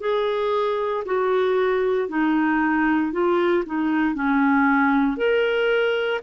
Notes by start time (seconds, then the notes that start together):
0.00 G#4
1.05 F#4
2.08 D#4
3.12 F4
3.65 D#4
4.14 C#4
5.17 A#4